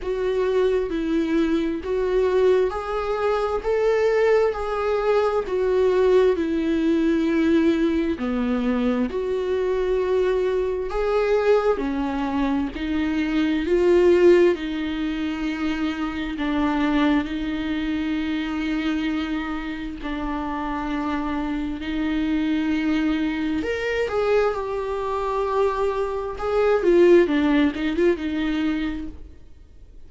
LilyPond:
\new Staff \with { instrumentName = "viola" } { \time 4/4 \tempo 4 = 66 fis'4 e'4 fis'4 gis'4 | a'4 gis'4 fis'4 e'4~ | e'4 b4 fis'2 | gis'4 cis'4 dis'4 f'4 |
dis'2 d'4 dis'4~ | dis'2 d'2 | dis'2 ais'8 gis'8 g'4~ | g'4 gis'8 f'8 d'8 dis'16 f'16 dis'4 | }